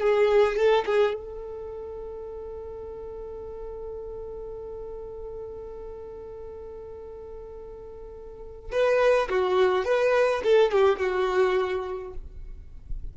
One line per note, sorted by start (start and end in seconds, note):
0.00 0.56 G#4
0.56 0.85 A4
0.85 1.14 G#4
1.14 8.71 A4
8.72 9.29 B4
9.30 9.85 F#4
9.85 10.42 B4
10.44 10.72 A4
10.72 10.99 G4
10.99 12.14 F#4